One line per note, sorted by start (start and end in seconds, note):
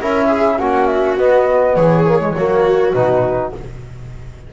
0.00 0.60 C#4
0.00 0.59 E4
0.00 0.27 A#4
0.00 0.59 E5
0.27 0.57 G#4
0.58 1.17 A#3
0.58 1.18 C#4
0.58 1.76 F#4
0.58 0.87 F#5
0.87 1.16 E5
1.17 1.76 B3
1.17 2.06 B3
1.17 1.76 D#5
1.76 2.35 E3
1.76 2.35 G#4
1.76 2.93 C#5
2.07 2.20 A#3
2.20 2.34 G#3
2.35 2.94 F#3
2.35 2.94 A#3
2.35 3.53 F#4
2.93 3.53 B2
2.93 3.53 D#4
2.93 3.52 B4